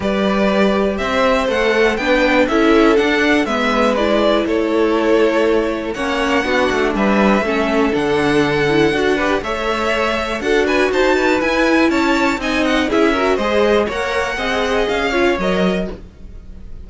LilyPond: <<
  \new Staff \with { instrumentName = "violin" } { \time 4/4 \tempo 4 = 121 d''2 e''4 fis''4 | g''4 e''4 fis''4 e''4 | d''4 cis''2. | fis''2 e''2 |
fis''2. e''4~ | e''4 fis''8 gis''8 a''4 gis''4 | a''4 gis''8 fis''8 e''4 dis''4 | fis''2 f''4 dis''4 | }
  \new Staff \with { instrumentName = "violin" } { \time 4/4 b'2 c''2 | b'4 a'2 b'4~ | b'4 a'2. | cis''4 fis'4 b'4 a'4~ |
a'2~ a'8 b'8 cis''4~ | cis''4 a'8 b'8 c''8 b'4. | cis''4 dis''4 gis'8 ais'8 c''4 | cis''4 dis''4. cis''4. | }
  \new Staff \with { instrumentName = "viola" } { \time 4/4 g'2. a'4 | d'4 e'4 d'4 b4 | e'1 | cis'4 d'2 cis'4 |
d'4. e'8 fis'8 g'8 a'4~ | a'4 fis'2 e'4~ | e'4 dis'4 e'8 fis'8 gis'4 | ais'4 gis'4. f'8 ais'4 | }
  \new Staff \with { instrumentName = "cello" } { \time 4/4 g2 c'4 a4 | b4 cis'4 d'4 gis4~ | gis4 a2. | ais4 b8 a8 g4 a4 |
d2 d'4 a4~ | a4 d'4 dis'4 e'4 | cis'4 c'4 cis'4 gis4 | ais4 c'4 cis'4 fis4 | }
>>